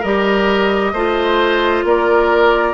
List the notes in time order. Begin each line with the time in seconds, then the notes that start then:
0.00 G3 G4 A#4 D#5
0.92 A3 F4 C5
1.84 A#3 A#4 D5